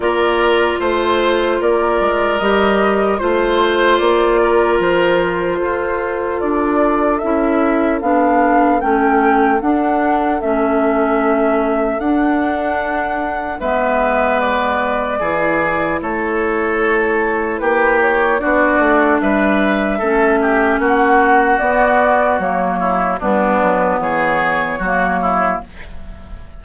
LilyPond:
<<
  \new Staff \with { instrumentName = "flute" } { \time 4/4 \tempo 4 = 75 d''4 c''4 d''4 dis''4 | c''4 d''4 c''2 | d''4 e''4 f''4 g''4 | fis''4 e''2 fis''4~ |
fis''4 e''4 d''2 | cis''2 b'8 cis''8 d''4 | e''2 fis''4 d''4 | cis''4 b'4 cis''2 | }
  \new Staff \with { instrumentName = "oboe" } { \time 4/4 ais'4 c''4 ais'2 | c''4. ais'4. a'4~ | a'1~ | a'1~ |
a'4 b'2 gis'4 | a'2 g'4 fis'4 | b'4 a'8 g'8 fis'2~ | fis'8 e'8 d'4 gis'4 fis'8 e'8 | }
  \new Staff \with { instrumentName = "clarinet" } { \time 4/4 f'2. g'4 | f'1~ | f'4 e'4 d'4 cis'4 | d'4 cis'2 d'4~ |
d'4 b2 e'4~ | e'2. d'4~ | d'4 cis'2 b4 | ais4 b2 ais4 | }
  \new Staff \with { instrumentName = "bassoon" } { \time 4/4 ais4 a4 ais8 gis8 g4 | a4 ais4 f4 f'4 | d'4 cis'4 b4 a4 | d'4 a2 d'4~ |
d'4 gis2 e4 | a2 ais4 b8 a8 | g4 a4 ais4 b4 | fis4 g8 fis8 e4 fis4 | }
>>